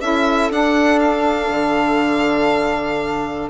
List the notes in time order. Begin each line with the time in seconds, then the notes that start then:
0.00 C#4 E4 A4 E5
0.50 D4 F#5
0.99 F5
1.49 D3